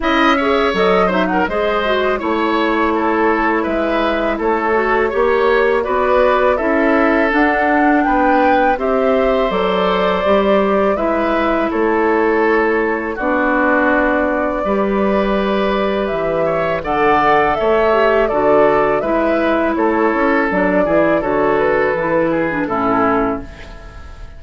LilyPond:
<<
  \new Staff \with { instrumentName = "flute" } { \time 4/4 \tempo 4 = 82 e''4 dis''8 e''16 fis''16 dis''4 cis''4~ | cis''4 e''4 cis''2 | d''4 e''4 fis''4 g''4 | e''4 d''2 e''4 |
cis''2 d''2~ | d''2 e''4 fis''4 | e''4 d''4 e''4 cis''4 | d''4 cis''8 b'4. a'4 | }
  \new Staff \with { instrumentName = "oboe" } { \time 4/4 dis''8 cis''4 c''16 ais'16 c''4 cis''4 | a'4 b'4 a'4 cis''4 | b'4 a'2 b'4 | c''2. b'4 |
a'2 fis'2 | b'2~ b'8 cis''8 d''4 | cis''4 a'4 b'4 a'4~ | a'8 gis'8 a'4. gis'8 e'4 | }
  \new Staff \with { instrumentName = "clarinet" } { \time 4/4 e'8 gis'8 a'8 dis'8 gis'8 fis'8 e'4~ | e'2~ e'8 fis'8 g'4 | fis'4 e'4 d'2 | g'4 a'4 g'4 e'4~ |
e'2 d'2 | g'2. a'4~ | a'8 g'8 fis'4 e'2 | d'8 e'8 fis'4 e'8. d'16 cis'4 | }
  \new Staff \with { instrumentName = "bassoon" } { \time 4/4 cis'4 fis4 gis4 a4~ | a4 gis4 a4 ais4 | b4 cis'4 d'4 b4 | c'4 fis4 g4 gis4 |
a2 b2 | g2 e4 d4 | a4 d4 gis4 a8 cis'8 | fis8 e8 d4 e4 a,4 | }
>>